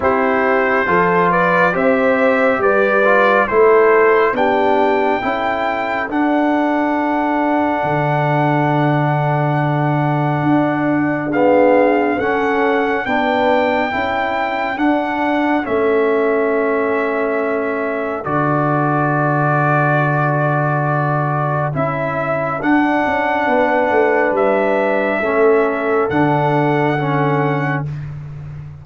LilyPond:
<<
  \new Staff \with { instrumentName = "trumpet" } { \time 4/4 \tempo 4 = 69 c''4. d''8 e''4 d''4 | c''4 g''2 fis''4~ | fis''1~ | fis''4 f''4 fis''4 g''4~ |
g''4 fis''4 e''2~ | e''4 d''2.~ | d''4 e''4 fis''2 | e''2 fis''2 | }
  \new Staff \with { instrumentName = "horn" } { \time 4/4 g'4 a'8 b'8 c''4 b'4 | a'4 g'4 a'2~ | a'1~ | a'4 gis'4 a'4 b'4 |
a'1~ | a'1~ | a'2. b'4~ | b'4 a'2. | }
  \new Staff \with { instrumentName = "trombone" } { \time 4/4 e'4 f'4 g'4. f'8 | e'4 d'4 e'4 d'4~ | d'1~ | d'4 b4 cis'4 d'4 |
e'4 d'4 cis'2~ | cis'4 fis'2.~ | fis'4 e'4 d'2~ | d'4 cis'4 d'4 cis'4 | }
  \new Staff \with { instrumentName = "tuba" } { \time 4/4 c'4 f4 c'4 g4 | a4 b4 cis'4 d'4~ | d'4 d2. | d'2 cis'4 b4 |
cis'4 d'4 a2~ | a4 d2.~ | d4 cis'4 d'8 cis'8 b8 a8 | g4 a4 d2 | }
>>